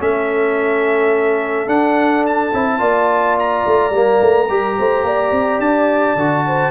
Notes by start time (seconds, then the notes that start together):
0.00 A3 C#4 A4 E5
1.67 D4 F#5
2.27 A5
2.54 C4 E4
2.79 A#3 F4 D5
3.39 A#5
3.66 A3
3.90 G3 A#3
4.21 A3
4.49 G3 G4 A#4
4.78 A3 C5
5.04 A#3 D5
5.32 C4
5.59 D4 A5
6.16 D3 F#4
6.47 C5